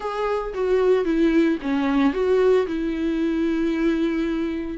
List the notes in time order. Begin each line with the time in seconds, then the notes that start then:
0.00 G#4
0.54 F#4
1.05 E4
1.61 C#4
2.13 F#4
2.67 E4